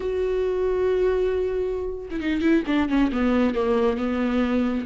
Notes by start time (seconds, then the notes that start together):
0.00 F#4
2.10 E4
2.20 D#4
2.41 E4
2.67 D4
2.89 C#4
3.12 B3
3.55 A#3
3.97 B3